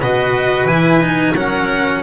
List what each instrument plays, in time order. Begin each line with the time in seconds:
0.00 double bass B2, cello F#4, trumpet B4, violin D#5
0.65 double bass E3, cello E4, violin G#5
1.01 cello D#4
1.35 double bass F#3, cello C#4, trumpet A#4, violin F#5